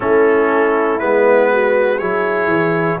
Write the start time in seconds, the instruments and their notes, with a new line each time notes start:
0.00 tuba A3, trombone C#4, horn E4, trumpet A4
0.99 tuba G#3, trombone B3, trumpet B4
1.51 horn F#4
1.98 tuba F#3, trombone E4, horn G#4, trumpet C#5
2.46 tuba E3